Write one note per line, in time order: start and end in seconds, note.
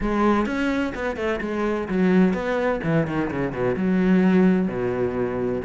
0.01 0.46 G#3
0.46 0.93 C#4
0.94 1.16 B3
1.16 1.39 A3
1.41 1.87 G#3
1.88 2.33 F#3
2.33 2.80 B3
2.83 3.07 E3
3.07 3.30 D#3
3.30 3.52 C#3
3.52 3.75 B2
3.76 4.67 F#3
4.67 5.61 B2